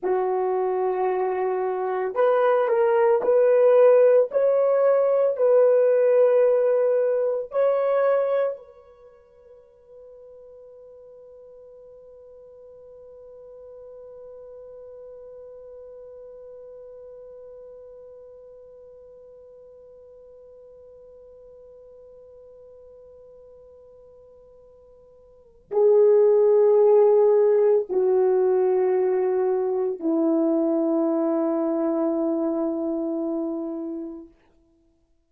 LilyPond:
\new Staff \with { instrumentName = "horn" } { \time 4/4 \tempo 4 = 56 fis'2 b'8 ais'8 b'4 | cis''4 b'2 cis''4 | b'1~ | b'1~ |
b'1~ | b'1 | gis'2 fis'2 | e'1 | }